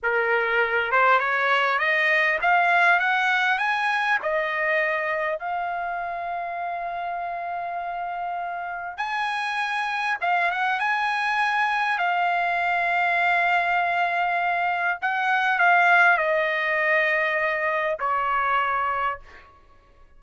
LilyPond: \new Staff \with { instrumentName = "trumpet" } { \time 4/4 \tempo 4 = 100 ais'4. c''8 cis''4 dis''4 | f''4 fis''4 gis''4 dis''4~ | dis''4 f''2.~ | f''2. gis''4~ |
gis''4 f''8 fis''8 gis''2 | f''1~ | f''4 fis''4 f''4 dis''4~ | dis''2 cis''2 | }